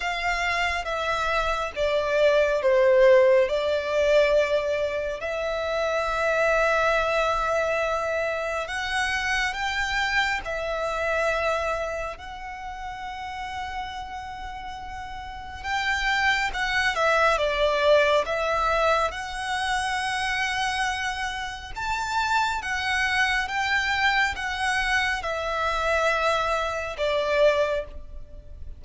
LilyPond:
\new Staff \with { instrumentName = "violin" } { \time 4/4 \tempo 4 = 69 f''4 e''4 d''4 c''4 | d''2 e''2~ | e''2 fis''4 g''4 | e''2 fis''2~ |
fis''2 g''4 fis''8 e''8 | d''4 e''4 fis''2~ | fis''4 a''4 fis''4 g''4 | fis''4 e''2 d''4 | }